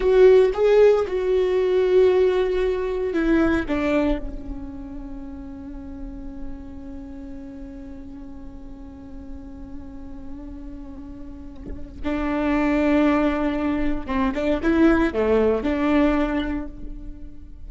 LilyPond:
\new Staff \with { instrumentName = "viola" } { \time 4/4 \tempo 4 = 115 fis'4 gis'4 fis'2~ | fis'2 e'4 d'4 | cis'1~ | cis'1~ |
cis'1~ | cis'2. d'4~ | d'2. c'8 d'8 | e'4 a4 d'2 | }